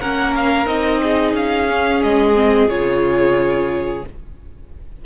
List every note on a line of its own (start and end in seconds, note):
0.00 0.66 A#3
0.00 0.66 C#4
0.00 1.01 A#4
0.00 0.34 F#5
0.36 0.67 F5
0.66 1.33 C4
0.66 1.67 D#4
0.66 1.34 D#5
1.02 4.05 G#4
1.33 2.01 C#4
1.33 2.03 F5
1.70 2.35 C#4
2.03 2.68 G#3
2.03 2.70 D#5
2.35 2.69 C4
2.68 4.03 C#3
2.68 4.04 F4
2.68 4.04 C#5